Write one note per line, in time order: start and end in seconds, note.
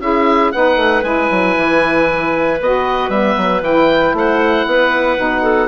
0.00 0.52 C#4
0.00 0.53 E4
0.00 0.54 G#4
0.00 0.52 E5
0.52 0.77 B3
0.52 1.04 D#4
0.52 4.16 B4
0.52 1.04 F#5
0.77 1.03 A3
1.03 1.29 G#3
1.03 2.59 E4
1.03 2.59 G#5
1.31 1.57 F#3
1.57 2.61 E3
2.61 3.09 B3
2.61 3.12 F#4
2.61 3.10 D#5
3.09 3.35 G3
3.09 3.64 B3
3.09 3.62 E5
3.37 3.62 F#3
3.62 4.13 E3
3.62 5.17 E4
3.62 4.16 G5
4.13 4.65 A3
4.13 4.68 C5
4.13 5.69 F#5
4.67 5.19 B3
4.67 5.43 B4
5.17 5.69 B2
5.17 5.69 D#4
5.43 5.69 A4